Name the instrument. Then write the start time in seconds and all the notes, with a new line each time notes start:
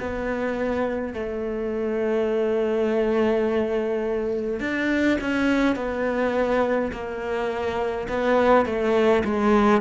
cello
0.00 B3
1.14 A3
4.60 D4
5.21 C#4
5.76 B3
6.92 A#3
8.09 B3
8.66 A3
9.25 G#3